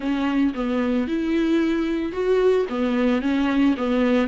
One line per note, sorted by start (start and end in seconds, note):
0.00 0.53 C#4
0.54 1.07 B3
1.07 2.12 E4
2.12 2.66 F#4
2.69 3.21 B3
3.21 3.75 C#4
3.77 4.27 B3